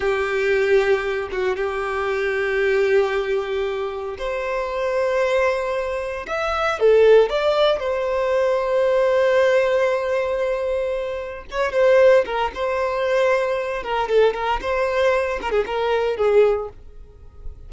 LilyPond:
\new Staff \with { instrumentName = "violin" } { \time 4/4 \tempo 4 = 115 g'2~ g'8 fis'8 g'4~ | g'1 | c''1 | e''4 a'4 d''4 c''4~ |
c''1~ | c''2 cis''8 c''4 ais'8 | c''2~ c''8 ais'8 a'8 ais'8 | c''4. ais'16 gis'16 ais'4 gis'4 | }